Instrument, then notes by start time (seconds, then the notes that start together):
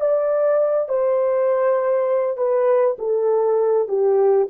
horn
0.00 D5
0.88 C5
2.37 B4
2.99 A4
3.88 G4